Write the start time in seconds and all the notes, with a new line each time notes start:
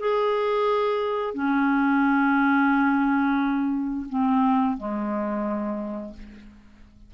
0.00 G#4
1.35 C#4
4.10 C4
4.78 G#3